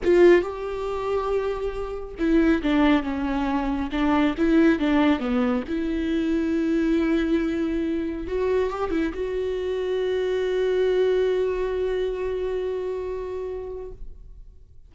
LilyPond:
\new Staff \with { instrumentName = "viola" } { \time 4/4 \tempo 4 = 138 f'4 g'2.~ | g'4 e'4 d'4 cis'4~ | cis'4 d'4 e'4 d'4 | b4 e'2.~ |
e'2. fis'4 | g'8 e'8 fis'2.~ | fis'1~ | fis'1 | }